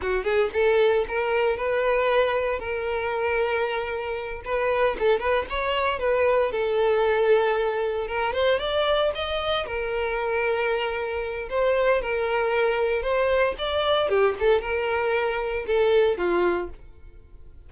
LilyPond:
\new Staff \with { instrumentName = "violin" } { \time 4/4 \tempo 4 = 115 fis'8 gis'8 a'4 ais'4 b'4~ | b'4 ais'2.~ | ais'8 b'4 a'8 b'8 cis''4 b'8~ | b'8 a'2. ais'8 |
c''8 d''4 dis''4 ais'4.~ | ais'2 c''4 ais'4~ | ais'4 c''4 d''4 g'8 a'8 | ais'2 a'4 f'4 | }